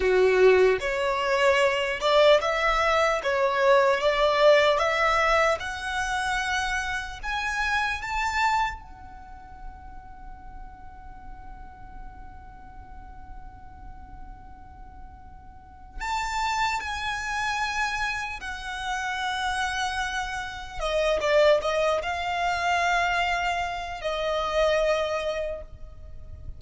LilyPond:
\new Staff \with { instrumentName = "violin" } { \time 4/4 \tempo 4 = 75 fis'4 cis''4. d''8 e''4 | cis''4 d''4 e''4 fis''4~ | fis''4 gis''4 a''4 fis''4~ | fis''1~ |
fis''1 | a''4 gis''2 fis''4~ | fis''2 dis''8 d''8 dis''8 f''8~ | f''2 dis''2 | }